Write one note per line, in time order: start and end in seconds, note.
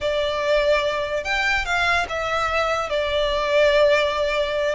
0.00 1.23 D5
1.23 1.65 G5
1.65 2.06 F5
2.08 2.89 E5
2.89 4.75 D5